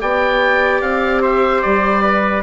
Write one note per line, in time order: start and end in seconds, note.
0.00 0.82 B3
0.00 2.43 G4
0.00 1.22 D5
0.00 0.82 G5
0.82 1.63 C4
0.82 1.22 F5
1.22 2.02 C5
1.22 1.62 E5
1.62 2.43 G3
1.62 2.43 D5
2.02 2.43 B4